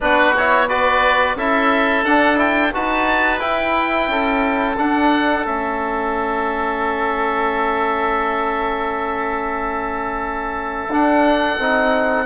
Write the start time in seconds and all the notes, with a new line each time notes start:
0.00 B3 D4 F#4 B4
0.36 E4 C#5
0.68 F#4 B4 D5
1.35 C#4 E4 A4 E5
2.04 D4 F#5
2.35 E4 G5
2.73 D#4 F#4 B4 A5
3.39 E4 G5
4.08 C#4 A4
4.77 D4 F#5
5.44 A3 C#4 E5
10.88 D4 F#5
11.58 C4 D#4